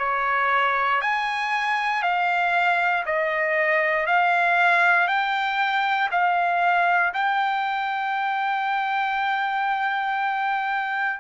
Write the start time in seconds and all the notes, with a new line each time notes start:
0.00 C#5
1.02 G#5
2.03 F5
3.06 D#5
4.07 F5
5.08 G5
6.12 F5
7.14 G5